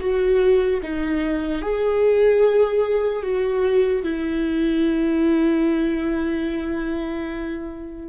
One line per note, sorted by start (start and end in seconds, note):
0.00 0.81 F#4
0.83 1.62 D#4
1.62 3.23 G#4
3.23 4.04 F#4
4.04 8.09 E4